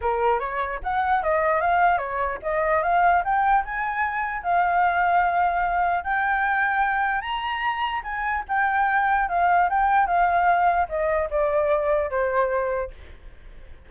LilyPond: \new Staff \with { instrumentName = "flute" } { \time 4/4 \tempo 4 = 149 ais'4 cis''4 fis''4 dis''4 | f''4 cis''4 dis''4 f''4 | g''4 gis''2 f''4~ | f''2. g''4~ |
g''2 ais''2 | gis''4 g''2 f''4 | g''4 f''2 dis''4 | d''2 c''2 | }